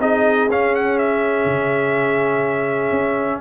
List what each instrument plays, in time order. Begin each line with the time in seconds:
0.00 tuba C4, trombone D#4, horn G#4, trumpet D#5
0.48 tuba C#4, trombone C#4, trumpet F5
0.75 trumpet F#5
0.98 trumpet E5
1.45 tuba C#3
2.91 tuba C#4